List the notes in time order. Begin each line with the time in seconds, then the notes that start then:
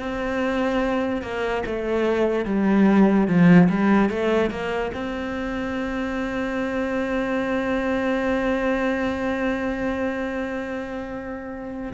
0.00 C4
1.23 A#3
1.66 A3
2.45 G3
3.28 F3
3.69 G3
4.10 A3
4.51 A#3
4.94 C4